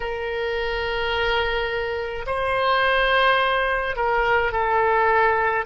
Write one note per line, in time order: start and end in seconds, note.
0.00 2.25 A#4
2.26 3.96 C5
3.96 4.51 A#4
4.51 5.64 A4